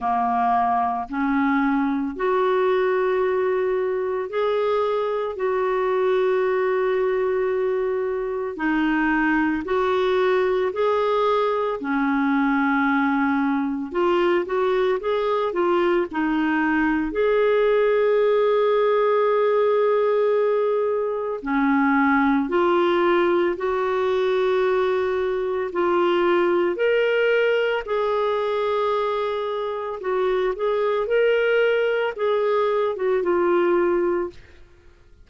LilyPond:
\new Staff \with { instrumentName = "clarinet" } { \time 4/4 \tempo 4 = 56 ais4 cis'4 fis'2 | gis'4 fis'2. | dis'4 fis'4 gis'4 cis'4~ | cis'4 f'8 fis'8 gis'8 f'8 dis'4 |
gis'1 | cis'4 f'4 fis'2 | f'4 ais'4 gis'2 | fis'8 gis'8 ais'4 gis'8. fis'16 f'4 | }